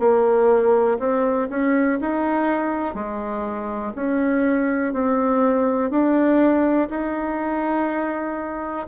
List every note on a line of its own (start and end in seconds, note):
0.00 0.98 A#3
1.00 1.49 C4
1.50 1.99 C#4
2.01 2.95 D#4
2.95 3.93 G#3
3.96 4.94 C#4
4.94 5.91 C4
5.91 6.89 D4
6.90 8.87 D#4